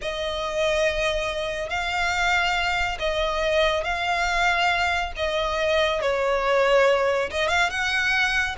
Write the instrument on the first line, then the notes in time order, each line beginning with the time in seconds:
violin
0.01 D#5
1.69 F5
2.99 D#5
3.84 F5
5.16 D#5
6.01 C#5
7.30 D#5
7.48 F5
7.69 F#5